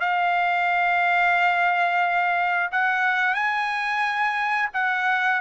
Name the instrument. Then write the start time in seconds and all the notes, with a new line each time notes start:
trumpet
0.00 F5
2.71 F#5
3.34 G#5
4.73 F#5